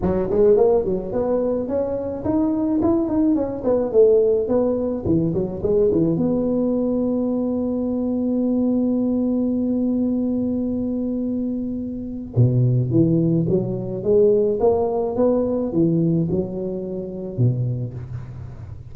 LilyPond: \new Staff \with { instrumentName = "tuba" } { \time 4/4 \tempo 4 = 107 fis8 gis8 ais8 fis8 b4 cis'4 | dis'4 e'8 dis'8 cis'8 b8 a4 | b4 e8 fis8 gis8 e8 b4~ | b1~ |
b1~ | b2 b,4 e4 | fis4 gis4 ais4 b4 | e4 fis2 b,4 | }